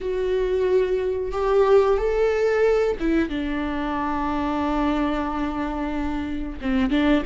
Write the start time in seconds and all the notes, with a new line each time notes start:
0.00 F#4
1.32 G4
1.98 A4
2.99 E4
3.29 D4
6.61 C4
6.90 D4